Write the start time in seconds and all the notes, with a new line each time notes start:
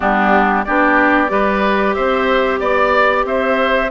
0.00 G3 B3 D4 G4
0.64 B3 D4 G4 D5
1.28 G3 G4 B4
1.94 C4 C5 E5
2.60 B3 D5
3.25 C4 C5 E5